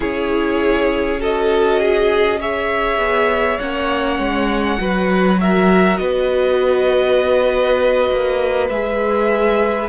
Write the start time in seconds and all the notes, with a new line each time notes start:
0.00 C#4 E4 G#4 C#5
1.19 F#4 A4 D#5
1.79 G#4
2.40 G#4 C#5 E5
2.98 B3
3.58 A#3 C#4 F#5
4.19 G#3
4.78 F#3 F#4 B4
5.40 A#4 E5
5.96 B3 B4 D#5
8.11 A#3
8.69 G#3 G#4 E5